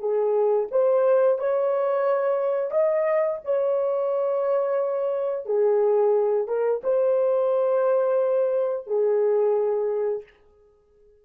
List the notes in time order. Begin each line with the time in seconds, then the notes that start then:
0.00 G#4
0.72 C5
1.39 C#5
2.71 D#5
3.45 C#5
5.46 G#4
6.48 A#4
6.84 C5
8.87 G#4